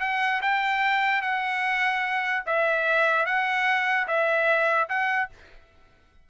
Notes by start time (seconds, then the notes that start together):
0.00 F#5
0.42 G5
1.21 F#5
2.46 E5
3.25 F#5
4.07 E5
4.89 F#5